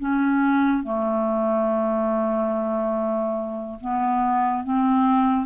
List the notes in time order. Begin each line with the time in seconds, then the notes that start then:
0.00 C#4
0.83 A3
3.81 B3
4.64 C4